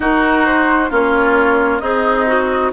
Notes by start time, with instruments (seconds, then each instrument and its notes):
0.00 bassoon D#4, clarinet D#4, oboe F#4, flute A#4
0.45 flute C5
0.90 bassoon A#3, clarinet C#4, oboe F4, flute C#5
1.79 bassoon C4, oboe D#4, clarinet G#4, flute D#5
2.26 clarinet F#4